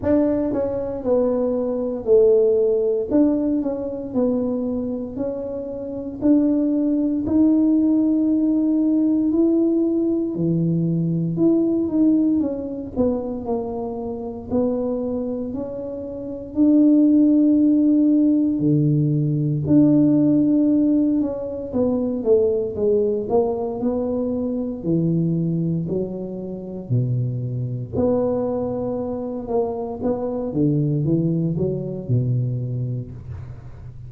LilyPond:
\new Staff \with { instrumentName = "tuba" } { \time 4/4 \tempo 4 = 58 d'8 cis'8 b4 a4 d'8 cis'8 | b4 cis'4 d'4 dis'4~ | dis'4 e'4 e4 e'8 dis'8 | cis'8 b8 ais4 b4 cis'4 |
d'2 d4 d'4~ | d'8 cis'8 b8 a8 gis8 ais8 b4 | e4 fis4 b,4 b4~ | b8 ais8 b8 d8 e8 fis8 b,4 | }